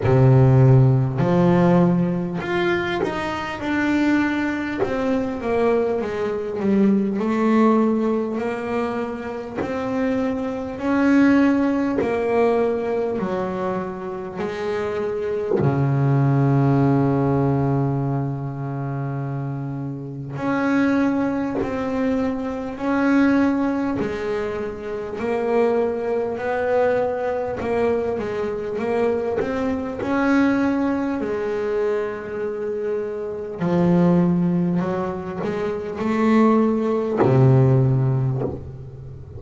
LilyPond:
\new Staff \with { instrumentName = "double bass" } { \time 4/4 \tempo 4 = 50 c4 f4 f'8 dis'8 d'4 | c'8 ais8 gis8 g8 a4 ais4 | c'4 cis'4 ais4 fis4 | gis4 cis2.~ |
cis4 cis'4 c'4 cis'4 | gis4 ais4 b4 ais8 gis8 | ais8 c'8 cis'4 gis2 | f4 fis8 gis8 a4 c4 | }